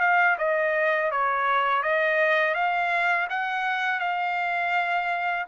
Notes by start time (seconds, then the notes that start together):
0.00 F5
0.38 D#5
1.11 C#5
1.83 D#5
2.54 F5
3.29 F#5
3.99 F5